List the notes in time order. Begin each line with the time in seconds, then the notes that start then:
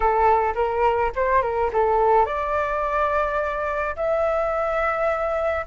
0.00 A4
0.55 A#4
1.15 C5
1.42 A#4
1.72 A4
2.25 D5
3.95 E5